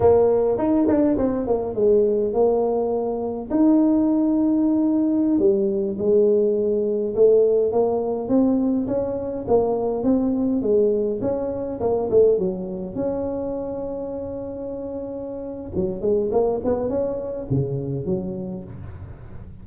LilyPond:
\new Staff \with { instrumentName = "tuba" } { \time 4/4 \tempo 4 = 103 ais4 dis'8 d'8 c'8 ais8 gis4 | ais2 dis'2~ | dis'4~ dis'16 g4 gis4.~ gis16~ | gis16 a4 ais4 c'4 cis'8.~ |
cis'16 ais4 c'4 gis4 cis'8.~ | cis'16 ais8 a8 fis4 cis'4.~ cis'16~ | cis'2. fis8 gis8 | ais8 b8 cis'4 cis4 fis4 | }